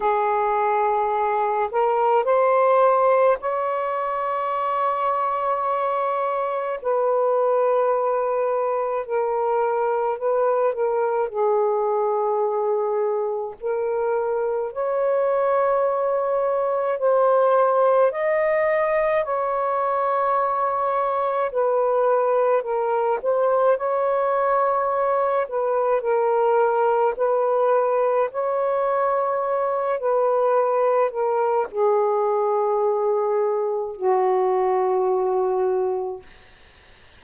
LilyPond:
\new Staff \with { instrumentName = "saxophone" } { \time 4/4 \tempo 4 = 53 gis'4. ais'8 c''4 cis''4~ | cis''2 b'2 | ais'4 b'8 ais'8 gis'2 | ais'4 cis''2 c''4 |
dis''4 cis''2 b'4 | ais'8 c''8 cis''4. b'8 ais'4 | b'4 cis''4. b'4 ais'8 | gis'2 fis'2 | }